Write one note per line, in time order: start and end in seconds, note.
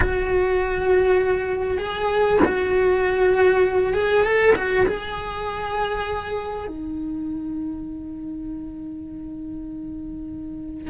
0.00 1.78 F#4
1.78 2.38 G#4
2.44 3.93 F#4
3.93 4.23 G#4
4.23 4.54 A4
4.55 4.85 F#4
4.86 6.67 G#4
6.67 10.90 D#4